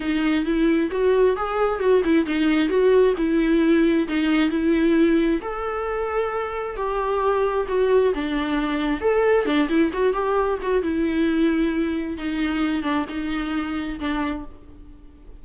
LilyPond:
\new Staff \with { instrumentName = "viola" } { \time 4/4 \tempo 4 = 133 dis'4 e'4 fis'4 gis'4 | fis'8 e'8 dis'4 fis'4 e'4~ | e'4 dis'4 e'2 | a'2. g'4~ |
g'4 fis'4 d'2 | a'4 d'8 e'8 fis'8 g'4 fis'8 | e'2. dis'4~ | dis'8 d'8 dis'2 d'4 | }